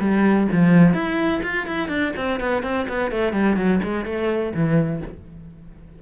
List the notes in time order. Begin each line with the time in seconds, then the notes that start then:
0.00 G3
0.52 F3
0.94 E4
1.43 F4
1.66 E4
1.88 D4
2.16 C4
2.40 B3
2.62 C4
2.88 B3
3.11 A3
3.33 G3
3.56 F#3
3.83 G#3
4.05 A3
4.54 E3